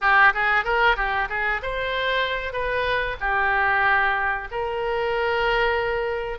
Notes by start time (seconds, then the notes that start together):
0.01 G4
0.34 G#4
0.64 A#4
0.96 G4
1.29 G#4
1.62 C5
2.52 B4
3.20 G4
4.51 A#4